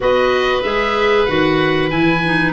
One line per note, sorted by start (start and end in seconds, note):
0.00 0.63 B3
0.00 0.63 F#4
0.00 2.52 B4
0.00 0.62 D#5
0.62 1.27 G#3
0.62 1.28 G#4
0.62 1.25 E5
1.25 1.91 D#3
1.25 1.89 F#4
1.25 1.89 F#5
1.89 2.52 E3
1.89 2.21 E4
1.89 2.52 G#5
2.25 2.52 D#4